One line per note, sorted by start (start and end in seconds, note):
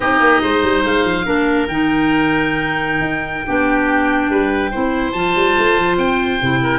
0.00 0.19 C4
0.00 1.25 D#4
0.00 0.41 G4
0.00 0.84 D#5
0.19 0.40 A#3
0.41 0.62 G#3
0.41 1.25 C5
0.62 0.83 G3
0.84 1.04 G#3
0.84 1.68 F5
1.04 1.25 F3
1.25 1.67 A#3
1.25 1.67 D4
1.25 3.46 A#4
1.67 3.00 D#3
1.67 3.46 D#4
1.67 5.12 G5
3.00 3.42 D#4
3.46 4.29 B3
3.46 4.71 D4
3.46 4.30 G4
4.29 4.71 G3
4.29 4.70 B4
4.70 5.13 C4
4.70 5.14 E4
4.70 6.59 C5
5.12 5.34 F3
5.12 6.40 F4
5.12 5.96 A5
5.35 5.56 G3
5.58 5.77 A3
5.77 5.97 F3
5.97 6.39 C4
5.97 6.79 G5
6.41 6.79 C3
6.41 6.79 E4
6.62 6.79 A#4